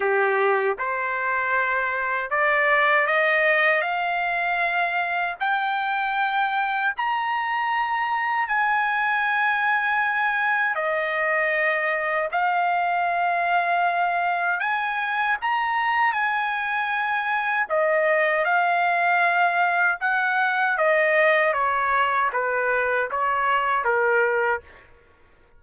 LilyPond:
\new Staff \with { instrumentName = "trumpet" } { \time 4/4 \tempo 4 = 78 g'4 c''2 d''4 | dis''4 f''2 g''4~ | g''4 ais''2 gis''4~ | gis''2 dis''2 |
f''2. gis''4 | ais''4 gis''2 dis''4 | f''2 fis''4 dis''4 | cis''4 b'4 cis''4 ais'4 | }